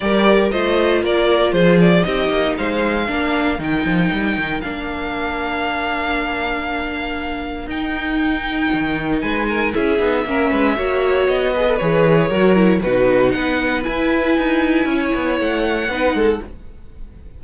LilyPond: <<
  \new Staff \with { instrumentName = "violin" } { \time 4/4 \tempo 4 = 117 d''4 dis''4 d''4 c''8 d''8 | dis''4 f''2 g''4~ | g''4 f''2.~ | f''2. g''4~ |
g''2 gis''4 e''4~ | e''2 dis''4 cis''4~ | cis''4 b'4 fis''4 gis''4~ | gis''2 fis''2 | }
  \new Staff \with { instrumentName = "violin" } { \time 4/4 ais'4 c''4 ais'4 gis'4 | g'4 c''4 ais'2~ | ais'1~ | ais'1~ |
ais'2 b'8 ais'8 gis'4 | ais'8 b'8 cis''4. b'4. | ais'4 fis'4 b'2~ | b'4 cis''2 b'8 a'8 | }
  \new Staff \with { instrumentName = "viola" } { \time 4/4 g'4 f'2. | dis'2 d'4 dis'4~ | dis'4 d'2.~ | d'2. dis'4~ |
dis'2. e'8 dis'8 | cis'4 fis'4. gis'16 a'16 gis'4 | fis'8 e'8 dis'2 e'4~ | e'2. dis'4 | }
  \new Staff \with { instrumentName = "cello" } { \time 4/4 g4 a4 ais4 f4 | c'8 ais8 gis4 ais4 dis8 f8 | g8 dis8 ais2.~ | ais2. dis'4~ |
dis'4 dis4 gis4 cis'8 b8 | ais8 gis8 ais4 b4 e4 | fis4 b,4 b4 e'4 | dis'4 cis'8 b8 a4 b8 gis8 | }
>>